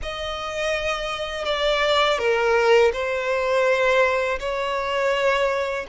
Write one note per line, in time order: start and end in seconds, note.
0.02 1.45 D#5
1.45 2.18 D5
2.18 2.91 A#4
2.92 4.39 C5
4.39 5.85 C#5